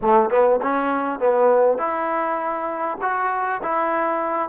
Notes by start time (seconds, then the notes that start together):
0.01 A3
0.30 B3
0.62 C#4
1.19 B3
1.78 E4
3.01 F#4
3.62 E4